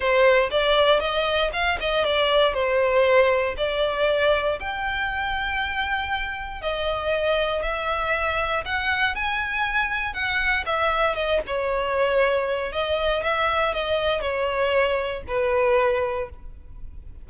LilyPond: \new Staff \with { instrumentName = "violin" } { \time 4/4 \tempo 4 = 118 c''4 d''4 dis''4 f''8 dis''8 | d''4 c''2 d''4~ | d''4 g''2.~ | g''4 dis''2 e''4~ |
e''4 fis''4 gis''2 | fis''4 e''4 dis''8 cis''4.~ | cis''4 dis''4 e''4 dis''4 | cis''2 b'2 | }